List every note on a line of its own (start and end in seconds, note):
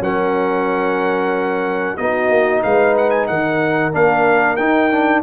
0.00 1.96 F#3
0.00 1.98 C#4
0.00 1.98 A#4
0.00 1.97 F#5
1.97 2.29 B3
1.97 3.92 D#4
1.97 2.63 F#4
1.97 2.62 D#5
2.29 2.61 A#3
2.63 3.29 G#3
2.63 3.28 B4
2.63 2.96 F5
2.97 3.10 F#5
3.10 3.26 G#5
3.27 3.94 D#3
3.27 5.23 A#4
3.27 3.92 F#5
3.92 4.59 A#3
3.92 4.57 D4
3.92 4.56 F5
4.56 5.23 D#4
4.56 4.91 D#4
4.56 5.21 G5
4.91 5.23 D4